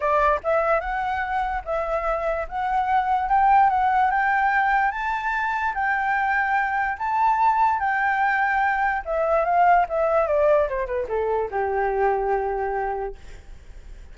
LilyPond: \new Staff \with { instrumentName = "flute" } { \time 4/4 \tempo 4 = 146 d''4 e''4 fis''2 | e''2 fis''2 | g''4 fis''4 g''2 | a''2 g''2~ |
g''4 a''2 g''4~ | g''2 e''4 f''4 | e''4 d''4 c''8 b'8 a'4 | g'1 | }